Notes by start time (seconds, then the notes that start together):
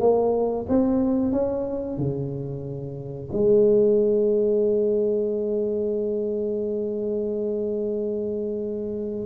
0.00 A#3
0.69 C4
1.32 C#4
1.97 C#3
3.32 G#3